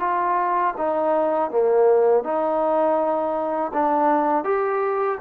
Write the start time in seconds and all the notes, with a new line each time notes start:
0.00 F4
0.77 D#4
1.51 A#3
2.24 D#4
3.73 D4
4.44 G4